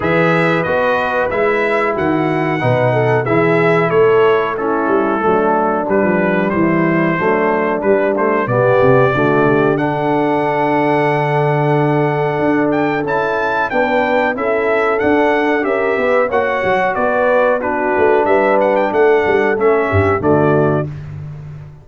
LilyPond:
<<
  \new Staff \with { instrumentName = "trumpet" } { \time 4/4 \tempo 4 = 92 e''4 dis''4 e''4 fis''4~ | fis''4 e''4 cis''4 a'4~ | a'4 b'4 c''2 | b'8 c''8 d''2 fis''4~ |
fis''2.~ fis''8 g''8 | a''4 g''4 e''4 fis''4 | e''4 fis''4 d''4 b'4 | e''8 fis''16 g''16 fis''4 e''4 d''4 | }
  \new Staff \with { instrumentName = "horn" } { \time 4/4 b'2. fis'4 | b'8 a'8 gis'4 a'4 e'4 | d'2 e'4 d'4~ | d'4 g'4 fis'8 g'8 a'4~ |
a'1~ | a'4 b'4 a'2 | ais'8 b'8 cis''4 b'4 fis'4 | b'4 a'4. g'8 fis'4 | }
  \new Staff \with { instrumentName = "trombone" } { \time 4/4 gis'4 fis'4 e'2 | dis'4 e'2 cis'4 | a4 g2 a4 | g8 a8 b4 a4 d'4~ |
d'1 | e'4 d'4 e'4 d'4 | g'4 fis'2 d'4~ | d'2 cis'4 a4 | }
  \new Staff \with { instrumentName = "tuba" } { \time 4/4 e4 b4 gis4 dis4 | b,4 e4 a4. g8 | fis4 g16 f8. e4 fis4 | g4 b,8 c8 d2~ |
d2. d'4 | cis'4 b4 cis'4 d'4 | cis'8 b8 ais8 fis8 b4. a8 | g4 a8 g8 a8 g,8 d4 | }
>>